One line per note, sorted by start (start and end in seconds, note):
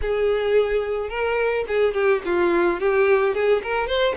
0.01 1.09 G#4
1.09 1.64 A#4
1.67 1.94 G#4
1.94 2.21 G4
2.25 2.80 F4
2.80 3.34 G4
3.34 3.62 G#4
3.63 3.87 A#4
3.87 4.14 C5